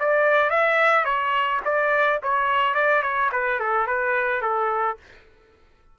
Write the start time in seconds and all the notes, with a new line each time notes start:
0.00 D5
0.50 E5
1.05 C#5
1.65 D5
2.23 C#5
2.75 D5
3.03 C#5
3.32 B4
3.60 A4
3.87 B4
4.42 A4